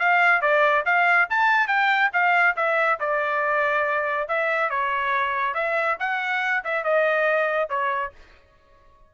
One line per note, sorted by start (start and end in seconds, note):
0.00 0.42 F5
0.42 0.85 D5
0.86 1.29 F5
1.30 1.68 A5
1.68 2.11 G5
2.14 2.56 F5
2.57 3.00 E5
3.00 4.29 D5
4.29 4.70 E5
4.70 5.55 C#5
5.55 5.97 E5
6.00 6.64 F#5
6.64 6.84 E5
6.84 7.70 D#5
7.70 8.13 C#5